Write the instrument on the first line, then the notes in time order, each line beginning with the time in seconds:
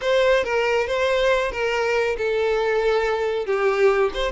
violin
0.01 C5
0.43 A#4
0.87 C5
1.51 A#4
2.17 A4
3.46 G4
4.14 C5